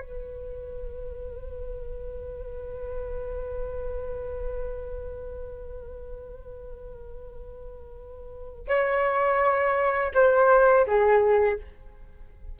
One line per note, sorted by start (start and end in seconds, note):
0.00 8.67 B4
8.67 10.12 C#5
10.14 10.86 C5
10.87 11.59 G#4